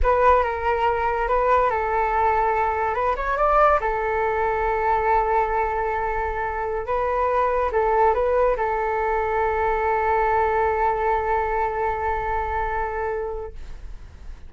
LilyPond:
\new Staff \with { instrumentName = "flute" } { \time 4/4 \tempo 4 = 142 b'4 ais'2 b'4 | a'2. b'8 cis''8 | d''4 a'2.~ | a'1~ |
a'16 b'2 a'4 b'8.~ | b'16 a'2.~ a'8.~ | a'1~ | a'1 | }